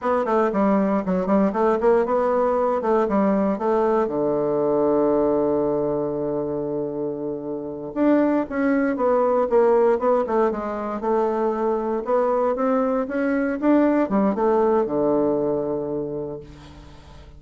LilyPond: \new Staff \with { instrumentName = "bassoon" } { \time 4/4 \tempo 4 = 117 b8 a8 g4 fis8 g8 a8 ais8 | b4. a8 g4 a4 | d1~ | d2.~ d8 d'8~ |
d'8 cis'4 b4 ais4 b8 | a8 gis4 a2 b8~ | b8 c'4 cis'4 d'4 g8 | a4 d2. | }